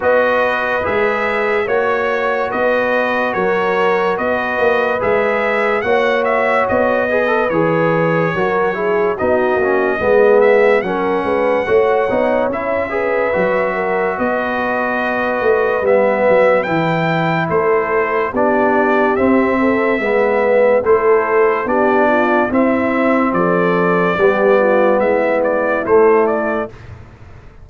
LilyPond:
<<
  \new Staff \with { instrumentName = "trumpet" } { \time 4/4 \tempo 4 = 72 dis''4 e''4 cis''4 dis''4 | cis''4 dis''4 e''4 fis''8 e''8 | dis''4 cis''2 dis''4~ | dis''8 e''8 fis''2 e''4~ |
e''4 dis''2 e''4 | g''4 c''4 d''4 e''4~ | e''4 c''4 d''4 e''4 | d''2 e''8 d''8 c''8 d''8 | }
  \new Staff \with { instrumentName = "horn" } { \time 4/4 b'2 cis''4 b'4 | ais'4 b'2 cis''4~ | cis''8 b'4. ais'8 gis'8 fis'4 | gis'4 ais'8 b'8 cis''4. b'8~ |
b'8 ais'8 b'2.~ | b'4 a'4 g'4. a'8 | b'4 a'4 g'8 f'8 e'4 | a'4 g'8 f'8 e'2 | }
  \new Staff \with { instrumentName = "trombone" } { \time 4/4 fis'4 gis'4 fis'2~ | fis'2 gis'4 fis'4~ | fis'8 gis'16 a'16 gis'4 fis'8 e'8 dis'8 cis'8 | b4 cis'4 fis'8 dis'8 e'8 gis'8 |
fis'2. b4 | e'2 d'4 c'4 | b4 e'4 d'4 c'4~ | c'4 b2 a4 | }
  \new Staff \with { instrumentName = "tuba" } { \time 4/4 b4 gis4 ais4 b4 | fis4 b8 ais8 gis4 ais4 | b4 e4 fis4 b8 ais8 | gis4 fis8 gis8 a8 b8 cis'4 |
fis4 b4. a8 g8 fis8 | e4 a4 b4 c'4 | gis4 a4 b4 c'4 | f4 g4 gis4 a4 | }
>>